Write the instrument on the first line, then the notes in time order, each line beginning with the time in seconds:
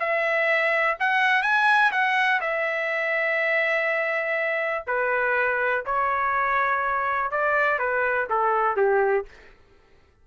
trumpet
0.00 E5
1.00 F#5
1.43 G#5
1.92 F#5
2.41 E5
4.87 B4
5.86 C#5
7.31 D5
7.79 B4
8.29 A4
8.76 G4